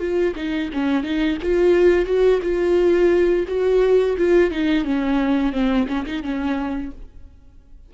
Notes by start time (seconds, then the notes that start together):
0.00 F4
0.36 D#4
0.73 C#4
1.03 D#4
1.43 F4
2.06 F#4
2.43 F4
3.48 F#4
4.18 F4
4.51 D#4
4.85 C#4
5.52 C4
5.88 C#4
6.06 D#4
6.23 C#4